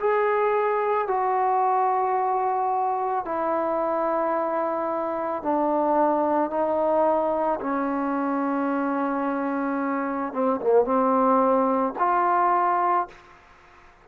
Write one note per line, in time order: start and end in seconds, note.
0.00 1.08 G#4
1.08 3.25 F#4
3.25 5.43 E4
5.43 6.51 D4
6.51 7.60 D#4
7.61 10.33 C#4
10.33 10.61 C4
10.61 10.85 A#3
10.85 11.94 C4
11.99 13.08 F4